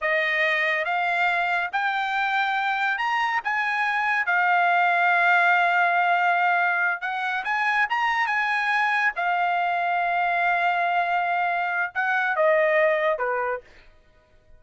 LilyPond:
\new Staff \with { instrumentName = "trumpet" } { \time 4/4 \tempo 4 = 141 dis''2 f''2 | g''2. ais''4 | gis''2 f''2~ | f''1~ |
f''8 fis''4 gis''4 ais''4 gis''8~ | gis''4. f''2~ f''8~ | f''1 | fis''4 dis''2 b'4 | }